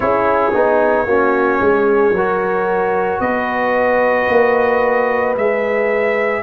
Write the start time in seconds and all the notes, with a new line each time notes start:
0.00 C#4 E4 G#4 C#5
0.53 B3 D#4
1.06 A#3 C#4 F#4
1.60 G#3 G#4
2.11 F#3 A#4
2.17 F#4
3.20 B3 B4 D#5
4.29 A#3
5.35 G#3 G#4 E5